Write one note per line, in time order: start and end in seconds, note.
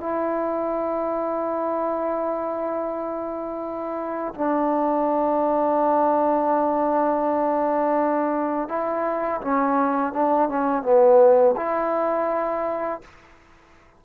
0.00 4.34 E4
4.34 8.68 D4
8.68 9.40 E4
9.41 10.13 C#4
10.13 10.49 D4
10.49 10.82 C#4
10.82 11.55 B3
11.56 13.01 E4